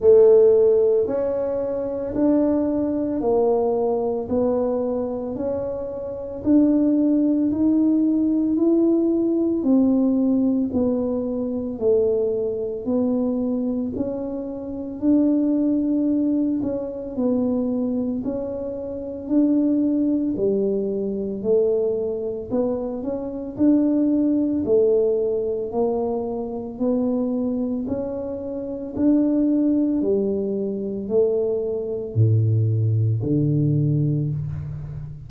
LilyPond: \new Staff \with { instrumentName = "tuba" } { \time 4/4 \tempo 4 = 56 a4 cis'4 d'4 ais4 | b4 cis'4 d'4 dis'4 | e'4 c'4 b4 a4 | b4 cis'4 d'4. cis'8 |
b4 cis'4 d'4 g4 | a4 b8 cis'8 d'4 a4 | ais4 b4 cis'4 d'4 | g4 a4 a,4 d4 | }